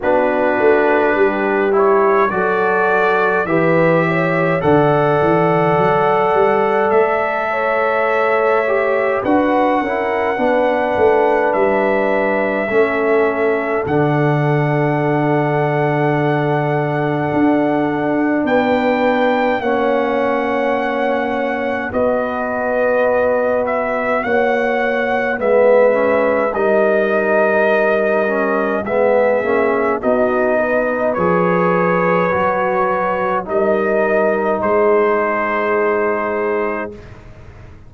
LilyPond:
<<
  \new Staff \with { instrumentName = "trumpet" } { \time 4/4 \tempo 4 = 52 b'4. cis''8 d''4 e''4 | fis''2 e''2 | fis''2 e''2 | fis''1 |
g''4 fis''2 dis''4~ | dis''8 e''8 fis''4 e''4 dis''4~ | dis''4 e''4 dis''4 cis''4~ | cis''4 dis''4 c''2 | }
  \new Staff \with { instrumentName = "horn" } { \time 4/4 fis'4 g'4 a'4 b'8 cis''8 | d''2~ d''8 cis''4. | b'8 ais'8 b'2 a'4~ | a'1 |
b'4 cis''2 b'4~ | b'4 cis''4 b'4 ais'4~ | ais'4 gis'4 fis'8 b'4.~ | b'4 ais'4 gis'2 | }
  \new Staff \with { instrumentName = "trombone" } { \time 4/4 d'4. e'8 fis'4 g'4 | a'2.~ a'8 g'8 | fis'8 e'8 d'2 cis'4 | d'1~ |
d'4 cis'2 fis'4~ | fis'2 b8 cis'8 dis'4~ | dis'8 cis'8 b8 cis'8 dis'4 gis'4 | fis'4 dis'2. | }
  \new Staff \with { instrumentName = "tuba" } { \time 4/4 b8 a8 g4 fis4 e4 | d8 e8 fis8 g8 a2 | d'8 cis'8 b8 a8 g4 a4 | d2. d'4 |
b4 ais2 b4~ | b4 ais4 gis4 g4~ | g4 gis8 ais8 b4 f4 | fis4 g4 gis2 | }
>>